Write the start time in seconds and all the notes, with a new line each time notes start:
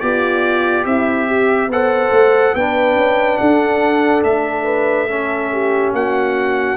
0.00 B3 F4 G4 D5
0.86 C4 E4 E5
1.27 G4
1.68 B3 A4 C5 F#5
2.11 A3
2.55 B3 D4 B4 G5
2.96 C#4
3.38 D4 A4 F#5
4.23 A3 E5
4.65 B4
5.09 C#4 A4
5.52 G4
5.93 A#3 F#4 F#5